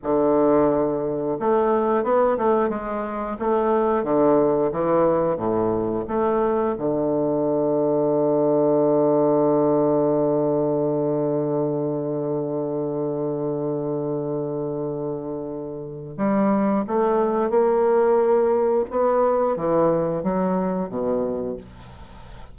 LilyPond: \new Staff \with { instrumentName = "bassoon" } { \time 4/4 \tempo 4 = 89 d2 a4 b8 a8 | gis4 a4 d4 e4 | a,4 a4 d2~ | d1~ |
d1~ | d1 | g4 a4 ais2 | b4 e4 fis4 b,4 | }